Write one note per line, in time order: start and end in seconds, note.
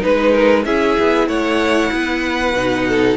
0.00 0.66 G#3
0.00 0.63 D#4
0.00 0.65 B4
0.00 0.32 B4
0.32 0.64 A#4
0.65 0.97 C#4
0.65 2.55 E4
0.65 1.28 G#4
0.65 1.28 E5
1.00 1.28 B3
1.28 1.91 A3
1.28 1.92 C#5
1.28 3.17 F#5
1.92 2.52 B3
1.92 2.88 B4
2.52 3.16 B2
2.52 3.17 D#4
2.89 3.17 A4